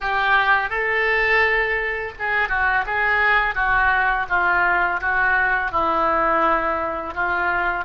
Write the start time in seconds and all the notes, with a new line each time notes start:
0.00 G4
0.69 A4
2.19 G#4
2.48 F#4
2.85 G#4
3.55 F#4
4.29 F4
5.01 F#4
5.71 E4
7.14 F4